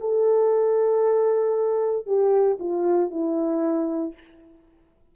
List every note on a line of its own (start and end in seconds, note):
0.00 2.06 A4
2.06 2.58 G4
2.59 3.10 F4
3.10 4.13 E4